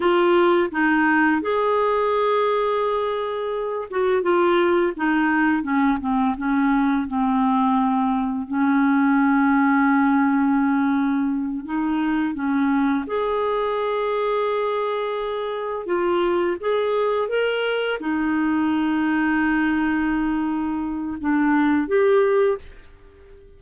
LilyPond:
\new Staff \with { instrumentName = "clarinet" } { \time 4/4 \tempo 4 = 85 f'4 dis'4 gis'2~ | gis'4. fis'8 f'4 dis'4 | cis'8 c'8 cis'4 c'2 | cis'1~ |
cis'8 dis'4 cis'4 gis'4.~ | gis'2~ gis'8 f'4 gis'8~ | gis'8 ais'4 dis'2~ dis'8~ | dis'2 d'4 g'4 | }